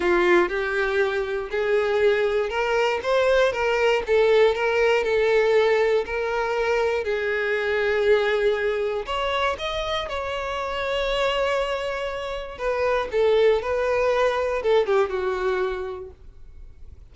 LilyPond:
\new Staff \with { instrumentName = "violin" } { \time 4/4 \tempo 4 = 119 f'4 g'2 gis'4~ | gis'4 ais'4 c''4 ais'4 | a'4 ais'4 a'2 | ais'2 gis'2~ |
gis'2 cis''4 dis''4 | cis''1~ | cis''4 b'4 a'4 b'4~ | b'4 a'8 g'8 fis'2 | }